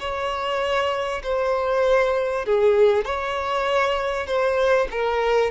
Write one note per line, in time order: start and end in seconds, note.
0.00 1.22 C#5
1.23 2.46 C5
2.46 3.05 G#4
3.05 4.27 C#5
4.27 4.88 C5
4.91 5.52 A#4